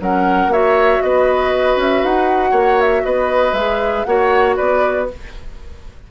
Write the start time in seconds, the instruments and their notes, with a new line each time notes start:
0.00 bassoon F#3, clarinet C#4, oboe A#4, flute F#5
0.47 bassoon A#3, clarinet F#4, oboe C#5, flute E5
1.02 bassoon B3, oboe B4, flute D#5
1.76 bassoon C#4, flute E5
2.04 bassoon D#4, flute F#5
2.50 bassoon A#3, oboe C#5
2.80 flute E5
3.05 bassoon B3, oboe B4, flute D#5
3.53 bassoon G#3, clarinet G#4, flute E5
4.04 bassoon A#3, clarinet F#4, oboe C#5, flute F#5
4.56 bassoon B3, oboe B4, flute D5